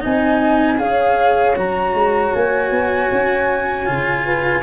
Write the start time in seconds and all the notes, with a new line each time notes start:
0.00 C4 D#4 D#5 G#5
0.78 C#4 G#4 C#5 F5
1.56 F#3 F#4 A#5
1.94 G#3
2.35 A#3 G#5
2.71 B3
3.12 C#4
3.86 C#3 F4
4.25 B4